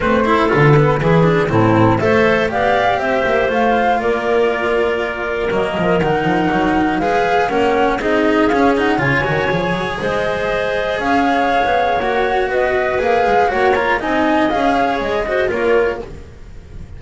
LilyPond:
<<
  \new Staff \with { instrumentName = "flute" } { \time 4/4 \tempo 4 = 120 c''4 b'2 a'4 | e''4 f''4 e''4 f''4 | d''2. dis''4 | fis''2 f''4 fis''4 |
dis''4 f''8 fis''8 gis''2 | dis''2 f''2 | fis''4 dis''4 f''4 fis''8 ais''8 | gis''4 f''4 dis''4 cis''4 | }
  \new Staff \with { instrumentName = "clarinet" } { \time 4/4 b'8 a'4. gis'4 e'4 | c''4 d''4 c''2 | ais'1~ | ais'2 b'4 ais'4 |
gis'2 cis''2 | c''2 cis''2~ | cis''4 b'2 cis''4 | dis''4. cis''4 c''8 ais'4 | }
  \new Staff \with { instrumentName = "cello" } { \time 4/4 c'8 e'8 f'8 b8 e'8 d'8 c'4 | a'4 g'2 f'4~ | f'2. ais4 | dis'2 gis'4 cis'4 |
dis'4 cis'8 dis'8 f'8 fis'8 gis'4~ | gis'1 | fis'2 gis'4 fis'8 f'8 | dis'4 gis'4. fis'8 f'4 | }
  \new Staff \with { instrumentName = "double bass" } { \time 4/4 a4 d4 e4 a,4 | a4 b4 c'8 ais8 a4 | ais2. fis8 f8 | dis8 f8 fis4 gis4 ais4 |
c'4 cis'4 cis8 dis8 f8 fis8 | gis2 cis'4~ cis'16 b8. | ais4 b4 ais8 gis8 ais4 | c'4 cis'4 gis4 ais4 | }
>>